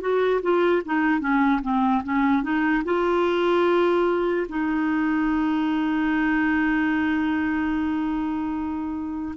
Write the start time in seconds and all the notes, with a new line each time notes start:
0.00 F#4
0.42 F4
0.85 D#4
1.20 C#4
1.62 C4
2.03 C#4
2.43 D#4
2.84 F4
4.49 D#4